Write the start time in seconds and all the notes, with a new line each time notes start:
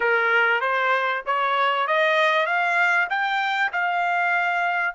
0.00 A#4
0.60 C5
1.26 C#5
1.87 D#5
2.46 F5
3.09 G5
3.72 F5